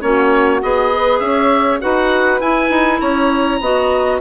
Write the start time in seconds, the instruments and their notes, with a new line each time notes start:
0.00 bassoon A#3, clarinet C#4, saxophone F#4, oboe C#5
0.62 bassoon B3, clarinet G#4, oboe D#5
0.94 saxophone B4
1.19 bassoon C#4, saxophone C#5, oboe E5
1.81 bassoon D#4, clarinet F#4, saxophone B4, oboe F#5
2.40 bassoon E4, clarinet E4, oboe G#5
2.69 bassoon D#4
2.99 bassoon C#4, saxophone C#5, oboe A#5
3.60 bassoon B3, clarinet F#4, saxophone D#5